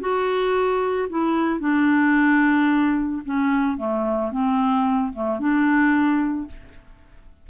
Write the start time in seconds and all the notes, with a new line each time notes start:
0.00 F#4
1.09 E4
1.60 D4
3.25 C#4
3.77 A3
4.31 C4
5.13 A3
5.39 D4